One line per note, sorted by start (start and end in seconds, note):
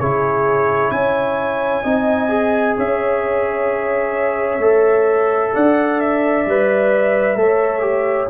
0.00 0.92 C#3
0.00 1.84 E4
0.00 0.92 G#4
0.00 0.91 C#5
0.91 1.84 C#4
0.91 1.84 C#5
0.91 2.76 G#5
1.84 2.77 C4
1.84 2.29 D#4
1.84 2.76 D#5
2.29 4.60 G#4
2.77 4.59 C#4
2.77 5.54 C#5
2.77 5.56 E5
4.59 5.51 A3
4.59 6.46 A4
5.54 6.46 D4
5.54 7.39 D5
5.54 6.00 F#5
6.00 8.30 E5
6.46 7.36 G3
6.46 7.37 B4
7.36 8.28 A3
7.36 7.81 A4
7.36 8.30 C#5
7.81 8.27 G4